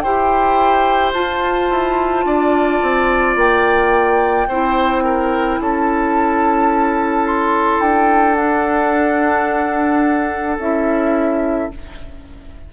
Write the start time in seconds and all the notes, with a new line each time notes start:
0.00 E4 G4 C5 G5
1.13 F4 A5
1.70 E4
2.25 D4 D5
2.82 C4
3.36 A#3 G5
4.48 C4 E4 C5
5.04 A#4
5.60 C#4 A4 A5
7.26 C6
7.80 D4 G5
8.35 D4 F#5
10.59 C#4 E4 E5